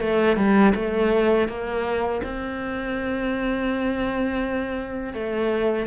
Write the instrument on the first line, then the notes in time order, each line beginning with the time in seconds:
cello
0.00 A3
0.36 G3
0.75 A3
1.48 A#3
2.23 C4
5.14 A3